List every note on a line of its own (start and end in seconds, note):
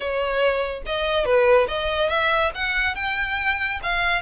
0.00 0.82 C#5
0.85 1.25 D#5
1.25 1.67 B4
1.67 2.09 D#5
2.09 2.51 E5
2.54 2.95 F#5
2.95 3.80 G5
3.82 4.21 F5